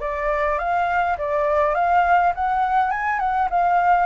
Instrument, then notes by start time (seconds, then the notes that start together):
flute
0.00 D5
0.59 F5
1.18 D5
1.74 F5
2.35 F#5
2.91 G#5
3.19 F#5
3.50 F5